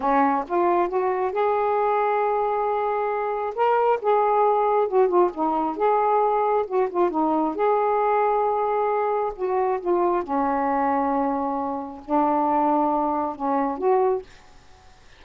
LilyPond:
\new Staff \with { instrumentName = "saxophone" } { \time 4/4 \tempo 4 = 135 cis'4 f'4 fis'4 gis'4~ | gis'1 | ais'4 gis'2 fis'8 f'8 | dis'4 gis'2 fis'8 f'8 |
dis'4 gis'2.~ | gis'4 fis'4 f'4 cis'4~ | cis'2. d'4~ | d'2 cis'4 fis'4 | }